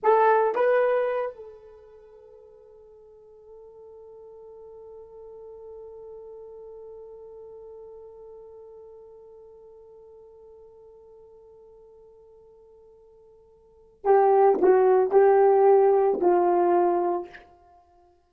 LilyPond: \new Staff \with { instrumentName = "horn" } { \time 4/4 \tempo 4 = 111 a'4 b'4. a'4.~ | a'1~ | a'1~ | a'1~ |
a'1~ | a'1~ | a'2 g'4 fis'4 | g'2 f'2 | }